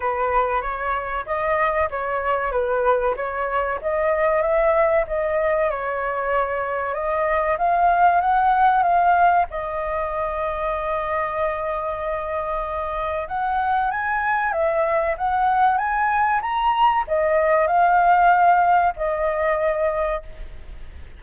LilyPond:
\new Staff \with { instrumentName = "flute" } { \time 4/4 \tempo 4 = 95 b'4 cis''4 dis''4 cis''4 | b'4 cis''4 dis''4 e''4 | dis''4 cis''2 dis''4 | f''4 fis''4 f''4 dis''4~ |
dis''1~ | dis''4 fis''4 gis''4 e''4 | fis''4 gis''4 ais''4 dis''4 | f''2 dis''2 | }